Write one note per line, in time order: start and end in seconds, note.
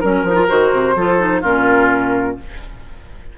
0.00 0.23 F#3
0.00 0.26 C#4
0.00 0.94 A#4
0.00 0.48 A#4
0.23 0.47 F3
0.23 0.34 D#4
0.34 0.46 F4
0.48 0.72 D#3
0.48 0.95 F#4
0.48 1.43 C5
0.72 0.96 C3
0.96 1.43 F3
0.96 1.18 F4
0.96 1.41 A4
1.18 1.42 D#4
1.41 2.37 A#2
1.41 2.38 C#4
1.41 2.36 F4
1.41 2.38 A#4